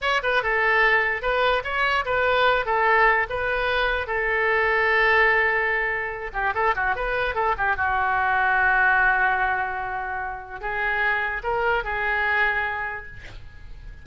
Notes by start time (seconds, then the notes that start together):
0.01 C#5
0.22 B4
0.42 A4
1.22 B4
1.64 C#5
2.05 B4
2.65 A4
3.29 B4
4.06 A4
6.33 G4
6.54 A4
6.75 F#4
6.95 B4
7.35 A4
7.57 G4
7.76 F#4
10.60 G#4
11.43 A#4
11.83 G#4